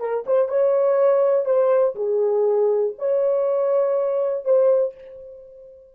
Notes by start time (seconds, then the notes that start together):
0.00 A#4
0.27 C5
0.49 C#5
1.45 C5
1.95 G#4
2.99 C#5
4.45 C5